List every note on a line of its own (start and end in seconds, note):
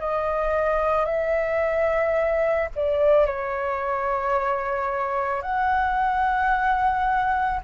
0.00 1.05 D#5
1.05 2.69 E5
2.76 3.26 D5
3.26 5.42 C#5
5.42 7.60 F#5